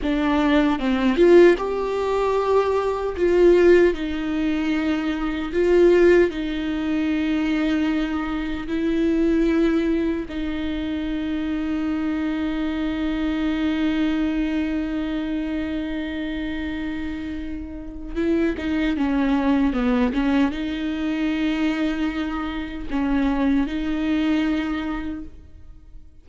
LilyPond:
\new Staff \with { instrumentName = "viola" } { \time 4/4 \tempo 4 = 76 d'4 c'8 f'8 g'2 | f'4 dis'2 f'4 | dis'2. e'4~ | e'4 dis'2.~ |
dis'1~ | dis'2. e'8 dis'8 | cis'4 b8 cis'8 dis'2~ | dis'4 cis'4 dis'2 | }